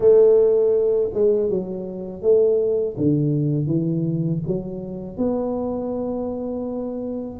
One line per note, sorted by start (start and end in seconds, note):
0.00 1.10 A3
1.13 1.49 G#3
1.49 2.22 F#3
2.22 2.96 A3
2.97 3.66 D3
3.66 4.40 E3
4.46 5.17 F#3
5.17 7.39 B3